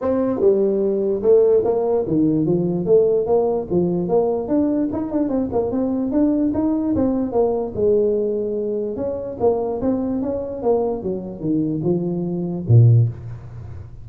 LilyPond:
\new Staff \with { instrumentName = "tuba" } { \time 4/4 \tempo 4 = 147 c'4 g2 a4 | ais4 dis4 f4 a4 | ais4 f4 ais4 d'4 | dis'8 d'8 c'8 ais8 c'4 d'4 |
dis'4 c'4 ais4 gis4~ | gis2 cis'4 ais4 | c'4 cis'4 ais4 fis4 | dis4 f2 ais,4 | }